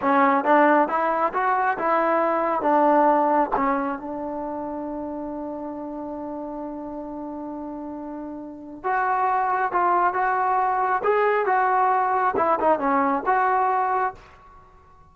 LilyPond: \new Staff \with { instrumentName = "trombone" } { \time 4/4 \tempo 4 = 136 cis'4 d'4 e'4 fis'4 | e'2 d'2 | cis'4 d'2.~ | d'1~ |
d'1 | fis'2 f'4 fis'4~ | fis'4 gis'4 fis'2 | e'8 dis'8 cis'4 fis'2 | }